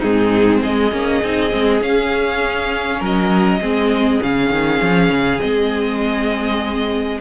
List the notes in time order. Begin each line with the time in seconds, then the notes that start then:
0.00 G#2 C4 D#4 G#4
0.61 G#3 G#4 D#5
0.92 A#3 C#4
1.23 C4 D#4
1.50 G#3 C4
1.81 C#4 F5
3.00 F#3 A#4 D#5
3.60 G#3 C4 G#4
4.22 C#3 C#4 F5
4.50 D#3
4.82 F3
5.10 C#3
5.40 G#3 C4 D#5